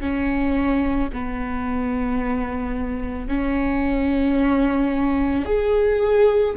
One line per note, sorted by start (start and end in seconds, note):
0.00 1.09 C#4
1.13 3.28 B3
3.28 5.45 C#4
5.45 6.55 G#4